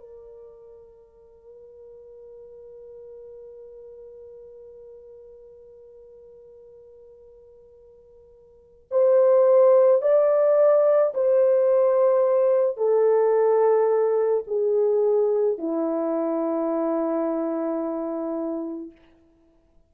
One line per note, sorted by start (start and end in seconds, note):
0.00 8.89 A#4
8.91 10.03 C5
10.03 11.14 D5
11.15 12.77 C5
12.77 14.44 A4
14.47 15.59 G#4
15.59 18.92 E4